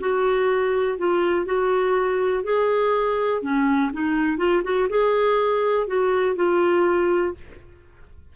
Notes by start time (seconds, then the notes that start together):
0.00 F#4
0.98 F4
1.46 F#4
2.44 G#4
3.42 C#4
3.93 D#4
4.38 F4
4.64 F#4
4.89 G#4
5.87 F#4
6.35 F4